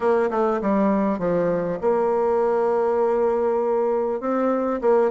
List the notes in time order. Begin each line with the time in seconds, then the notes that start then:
0.00 A#3
0.30 A3
0.61 G3
1.18 F3
1.81 A#3
4.20 C4
4.81 A#3